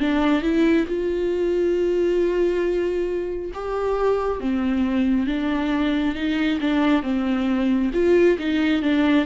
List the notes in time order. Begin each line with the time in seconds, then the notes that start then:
0.00 D4
0.43 E4
0.87 F4
3.54 G4
4.40 C4
5.27 D4
6.15 D#4
6.61 D4
7.03 C4
7.94 F4
8.39 D#4
8.82 D4